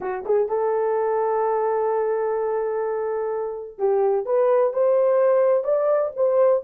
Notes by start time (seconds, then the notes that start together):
0.00 F#4
0.25 G#4
0.48 A4
3.78 G4
4.25 B4
4.73 C5
5.63 D5
6.15 C5